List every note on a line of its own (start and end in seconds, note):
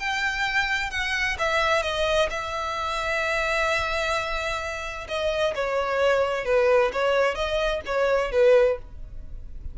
0.00 0.91 G5
0.91 1.37 F#5
1.39 1.83 E5
1.83 2.29 D#5
2.31 5.08 E5
5.09 5.55 D#5
5.56 6.46 C#5
6.46 6.92 B4
6.93 7.35 C#5
7.35 7.81 D#5
7.86 8.32 C#5
8.32 8.78 B4